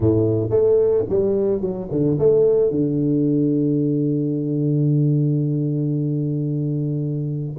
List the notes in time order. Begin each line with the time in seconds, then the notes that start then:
0.00 A2
0.50 A3
1.09 G3
1.61 F#3
1.91 D3
2.18 A3
2.70 D3